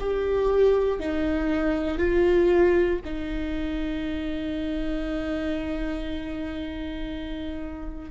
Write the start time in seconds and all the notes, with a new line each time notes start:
0.00 G4
1.00 D#4
1.98 F4
3.05 D#4